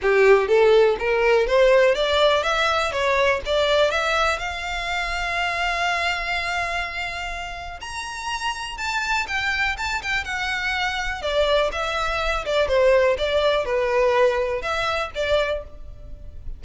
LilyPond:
\new Staff \with { instrumentName = "violin" } { \time 4/4 \tempo 4 = 123 g'4 a'4 ais'4 c''4 | d''4 e''4 cis''4 d''4 | e''4 f''2.~ | f''1 |
ais''2 a''4 g''4 | a''8 g''8 fis''2 d''4 | e''4. d''8 c''4 d''4 | b'2 e''4 d''4 | }